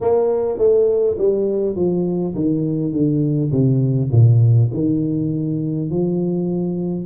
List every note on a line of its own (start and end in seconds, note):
0.01 0.58 A#3
0.58 1.17 A3
1.18 1.75 G3
1.75 2.34 F3
2.34 2.92 D#3
2.92 3.51 D3
3.51 4.10 C3
4.11 4.70 A#2
4.73 5.89 D#3
5.89 7.05 F3